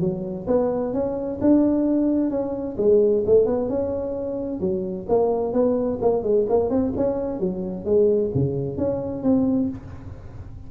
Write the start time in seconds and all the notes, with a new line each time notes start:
0.00 F#3
0.47 B3
0.93 C#4
1.41 D4
2.30 C#4
2.77 G#3
3.26 A3
3.46 B3
3.69 C#4
4.60 F#3
5.08 A#3
5.53 B3
6.01 A#3
6.23 G#3
6.49 A#3
6.70 C4
6.96 C#4
7.40 F#3
7.85 G#3
8.34 C#3
8.77 C#4
9.23 C4